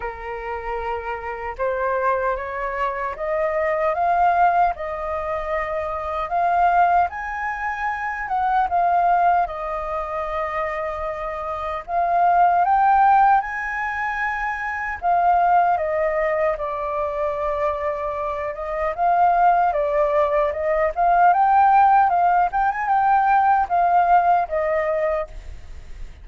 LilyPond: \new Staff \with { instrumentName = "flute" } { \time 4/4 \tempo 4 = 76 ais'2 c''4 cis''4 | dis''4 f''4 dis''2 | f''4 gis''4. fis''8 f''4 | dis''2. f''4 |
g''4 gis''2 f''4 | dis''4 d''2~ d''8 dis''8 | f''4 d''4 dis''8 f''8 g''4 | f''8 g''16 gis''16 g''4 f''4 dis''4 | }